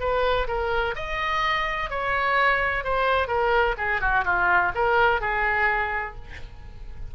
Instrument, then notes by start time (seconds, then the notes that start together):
oboe
0.00 B4
0.48 A#4
0.95 D#5
1.90 C#5
2.84 C5
3.28 A#4
3.78 G#4
4.01 F#4
4.25 F4
4.75 A#4
5.21 G#4